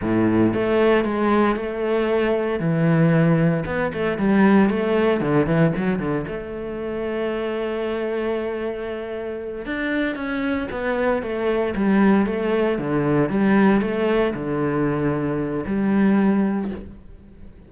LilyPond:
\new Staff \with { instrumentName = "cello" } { \time 4/4 \tempo 4 = 115 a,4 a4 gis4 a4~ | a4 e2 b8 a8 | g4 a4 d8 e8 fis8 d8 | a1~ |
a2~ a8 d'4 cis'8~ | cis'8 b4 a4 g4 a8~ | a8 d4 g4 a4 d8~ | d2 g2 | }